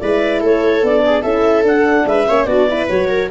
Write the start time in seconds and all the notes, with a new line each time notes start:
0.00 G#3 E4 B4 D5
0.41 A3 A4 C#5
0.83 B3 D4 D5
1.06 G#4
1.22 C#4 E4 A4 E5
1.64 D4 F#5
2.06 G#3 B4 E5
2.27 A#3 C#4 C#5
2.45 B3 D4 F#4 D5
2.69 E4 B4
2.89 F#3 F#4 C#5
3.09 A#4